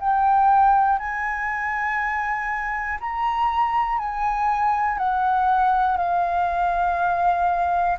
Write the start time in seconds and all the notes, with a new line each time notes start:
0.00 G5
0.99 G#5
3.00 A#5
3.99 G#5
4.98 F#5
5.98 F5